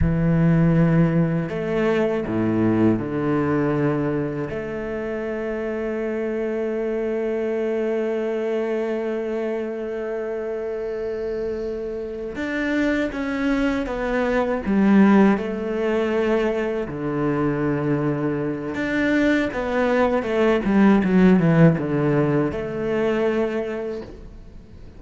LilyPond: \new Staff \with { instrumentName = "cello" } { \time 4/4 \tempo 4 = 80 e2 a4 a,4 | d2 a2~ | a1~ | a1~ |
a8 d'4 cis'4 b4 g8~ | g8 a2 d4.~ | d4 d'4 b4 a8 g8 | fis8 e8 d4 a2 | }